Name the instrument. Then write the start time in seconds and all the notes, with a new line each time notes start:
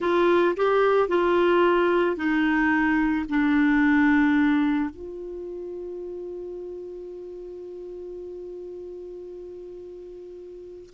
clarinet
0.00 F4
0.56 G4
1.08 F4
2.16 D#4
3.29 D4
4.89 F4